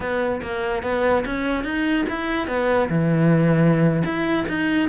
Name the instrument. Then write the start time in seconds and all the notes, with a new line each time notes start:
cello
0.00 B3
0.42 A#3
0.83 B3
1.25 C#4
1.64 D#4
2.09 E4
2.47 B3
2.89 E3
4.04 E4
4.48 D#4